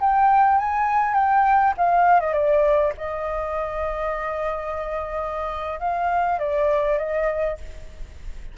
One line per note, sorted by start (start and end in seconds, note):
0.00 0.58 G5
0.58 1.14 G#5
1.14 1.74 G5
1.77 2.20 F5
2.20 2.33 D#5
2.33 2.92 D5
2.97 5.79 D#5
5.79 6.39 F5
6.39 6.98 D5
6.98 7.57 D#5